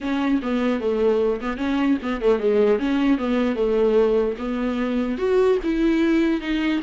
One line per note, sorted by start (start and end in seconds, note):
0.00 0.40 C#4
0.42 0.80 B3
0.80 1.40 A3
1.41 1.57 B3
1.57 1.97 C#4
2.02 2.21 B3
2.21 2.39 A3
2.39 2.79 G#3
2.79 3.18 C#4
3.18 3.55 B3
3.55 4.35 A3
4.38 5.17 B3
5.17 5.57 F#4
5.63 6.40 E4
6.40 6.80 D#4